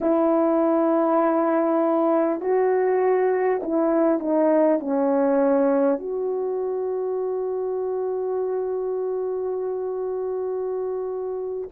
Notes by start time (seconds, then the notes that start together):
0.00 E4
2.41 F#4
3.62 E4
4.19 D#4
4.79 C#4
5.98 F#4